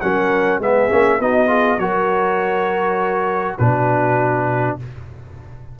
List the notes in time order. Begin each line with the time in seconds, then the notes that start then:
0.00 F#3 C#4 A#4 F#5
0.59 G#3 B3 G#4 E5
0.89 A#3 C#4
1.19 B3 D#4 F#4 D#5
1.47 F4 G#4
1.78 F#3 F#4 A#4 C#5
3.58 B2 D4 F#4 B4